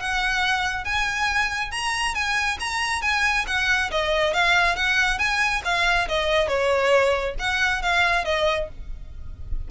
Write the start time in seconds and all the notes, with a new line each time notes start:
0.00 F#5
0.85 G#5
1.72 A#5
2.14 G#5
2.60 A#5
3.02 G#5
3.47 F#5
3.91 D#5
4.34 F5
4.76 F#5
5.19 G#5
5.64 F5
6.08 D#5
6.48 C#5
7.39 F#5
7.82 F5
8.25 D#5